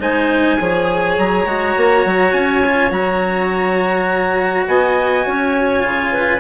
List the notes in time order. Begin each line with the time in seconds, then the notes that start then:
0.00 G#3 D#4 C5 G#5
0.60 F3 G#4 C#5
1.18 F#3 A#5
1.46 G#3 F#4
1.77 A#3
2.05 F#3
2.33 C#4 G#5
2.66 F4
2.91 F#3 F#4 A#5
4.68 B3 D#5 G#5
5.27 C#4 C#5
5.81 C#3 F4
6.13 B4